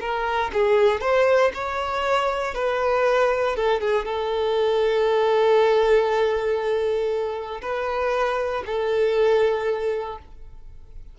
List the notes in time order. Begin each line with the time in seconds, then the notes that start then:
0.00 A#4
0.53 G#4
1.01 C5
1.54 C#5
2.54 B4
3.55 A4
3.80 G#4
4.05 A4
7.61 B4
8.66 A4